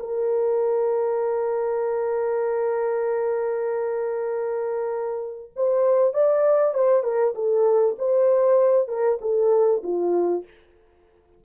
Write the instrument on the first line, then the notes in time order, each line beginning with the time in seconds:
horn
0.00 A#4
5.56 C5
6.14 D5
6.74 C5
7.04 A#4
7.35 A4
7.99 C5
8.88 A#4
9.22 A4
9.84 F4